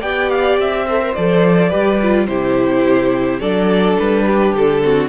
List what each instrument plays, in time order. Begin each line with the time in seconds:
0.00 cello B3, viola G4, violin D5 G5
0.29 violin F5
0.59 cello C4, violin E5
0.86 viola A4, violin C5
1.02 viola A#4
1.14 cello F3, viola A4, violin D5
1.69 cello G3, viola G4, violin B4
2.02 viola F4
2.26 cello C3, viola E4, violin G4 C5
3.40 cello F#3, viola D4, violin A4 D5
3.98 cello G3, violin B4
4.27 violin G4
4.54 cello D3, violin A4
4.83 viola C4, violin F#4